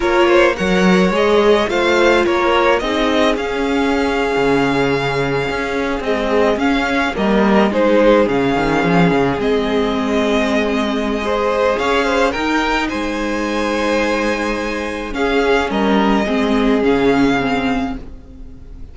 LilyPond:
<<
  \new Staff \with { instrumentName = "violin" } { \time 4/4 \tempo 4 = 107 cis''4 fis''4 dis''4 f''4 | cis''4 dis''4 f''2~ | f''2~ f''8. dis''4 f''16~ | f''8. dis''4 c''4 f''4~ f''16~ |
f''8. dis''2.~ dis''16~ | dis''4 f''4 g''4 gis''4~ | gis''2. f''4 | dis''2 f''2 | }
  \new Staff \with { instrumentName = "violin" } { \time 4/4 ais'8 c''8 cis''2 c''4 | ais'4 gis'2.~ | gis'1~ | gis'8. ais'4 gis'2~ gis'16~ |
gis'1 | c''4 cis''8 c''8 ais'4 c''4~ | c''2. gis'4 | ais'4 gis'2. | }
  \new Staff \with { instrumentName = "viola" } { \time 4/4 f'4 ais'4 gis'4 f'4~ | f'4 dis'4 cis'2~ | cis'2~ cis'8. gis4 cis'16~ | cis'8. ais4 dis'4 cis'4~ cis'16~ |
cis'8. c'2.~ c'16 | gis'2 dis'2~ | dis'2. cis'4~ | cis'4 c'4 cis'4 c'4 | }
  \new Staff \with { instrumentName = "cello" } { \time 4/4 ais4 fis4 gis4 a4 | ais4 c'4 cis'4.~ cis'16 cis16~ | cis4.~ cis16 cis'4 c'4 cis'16~ | cis'8. g4 gis4 cis8 dis8 f16~ |
f16 cis8 gis2.~ gis16~ | gis4 cis'4 dis'4 gis4~ | gis2. cis'4 | g4 gis4 cis2 | }
>>